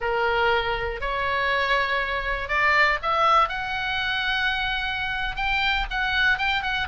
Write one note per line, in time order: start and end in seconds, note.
0.00 1.00 A#4
1.00 2.48 C#5
2.48 2.98 D5
3.02 3.48 E5
3.48 5.35 F#5
5.35 5.85 G5
5.90 6.38 F#5
6.38 6.62 G5
6.62 6.87 F#5